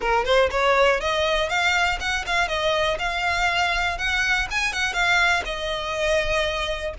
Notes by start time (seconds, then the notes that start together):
0.00 A#4
0.25 C5
0.50 C#5
1.00 D#5
1.49 F5
2.00 F#5
2.26 F5
2.48 D#5
2.98 F5
3.98 F#5
4.50 G#5
4.72 F#5
4.93 F5
5.45 D#5